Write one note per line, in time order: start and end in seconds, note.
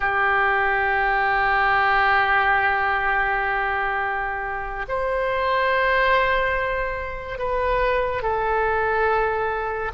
0.00 4.85 G4
4.88 7.38 C5
7.38 8.22 B4
8.22 9.91 A4